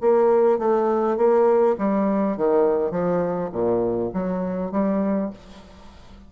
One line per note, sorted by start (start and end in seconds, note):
0.00 0.58 A#3
0.58 1.17 A3
1.17 1.75 A#3
1.78 2.37 G3
2.37 2.91 D#3
2.91 3.50 F3
3.52 4.10 A#2
4.13 4.71 F#3
4.71 5.30 G3